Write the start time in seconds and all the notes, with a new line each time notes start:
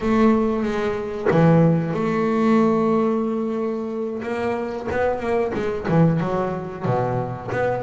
0.00 A3
0.63 G#3
1.31 E3
1.93 A3
4.22 A#3
4.91 B3
5.19 A#3
5.54 G#3
5.88 E3
6.20 F#3
6.85 B2
7.51 B3